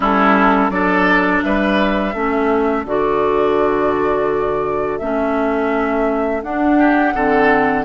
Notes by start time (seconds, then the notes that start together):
0.00 G3 C#4 E4 A4
0.69 F#3 D4 A4 D5
1.43 G3 B4 E5
2.14 A3 C#4 A4
2.85 D3 F#4 D5
4.98 A3 C#4 E5
6.43 D4 F#5
6.78 G4
7.14 D3 C4 A4